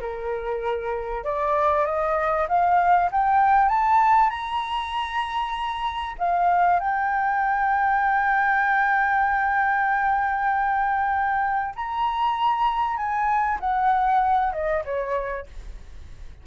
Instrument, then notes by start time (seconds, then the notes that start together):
flute
0.00 A#4
1.24 D5
1.85 D#5
2.48 F5
3.12 G5
3.69 A5
4.30 A#5
6.18 F5
6.80 G5
11.76 A#5
12.96 G#5
13.60 F#5
14.53 D#5
14.85 C#5